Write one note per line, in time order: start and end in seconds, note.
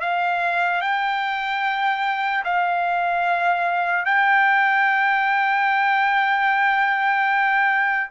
0.00 0.81 F5
0.81 2.43 G5
2.44 4.05 F5
4.05 8.10 G5